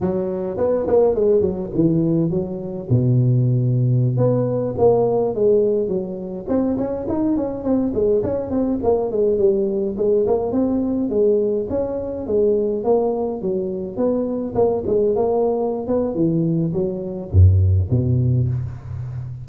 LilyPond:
\new Staff \with { instrumentName = "tuba" } { \time 4/4 \tempo 4 = 104 fis4 b8 ais8 gis8 fis8 e4 | fis4 b,2~ b,16 b8.~ | b16 ais4 gis4 fis4 c'8 cis'16~ | cis'16 dis'8 cis'8 c'8 gis8 cis'8 c'8 ais8 gis16~ |
gis16 g4 gis8 ais8 c'4 gis8.~ | gis16 cis'4 gis4 ais4 fis8.~ | fis16 b4 ais8 gis8 ais4~ ais16 b8 | e4 fis4 fis,4 b,4 | }